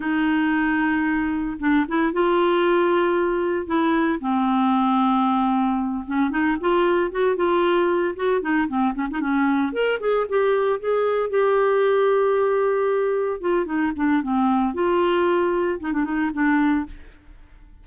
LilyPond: \new Staff \with { instrumentName = "clarinet" } { \time 4/4 \tempo 4 = 114 dis'2. d'8 e'8 | f'2. e'4 | c'2.~ c'8 cis'8 | dis'8 f'4 fis'8 f'4. fis'8 |
dis'8 c'8 cis'16 dis'16 cis'4 ais'8 gis'8 g'8~ | g'8 gis'4 g'2~ g'8~ | g'4. f'8 dis'8 d'8 c'4 | f'2 dis'16 d'16 dis'8 d'4 | }